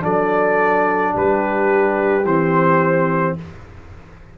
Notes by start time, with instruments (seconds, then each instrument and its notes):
0.00 tuba F#3, trombone D4, horn A4, trumpet D5
1.13 tuba G3, horn G4, trumpet B4
2.24 tuba E3, trombone C4, trumpet C5